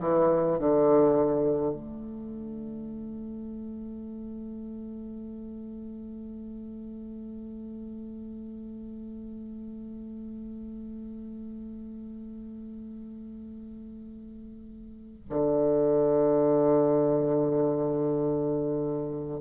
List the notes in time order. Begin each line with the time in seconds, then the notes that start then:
0.00 E3
0.59 D3
1.73 A3
15.29 D3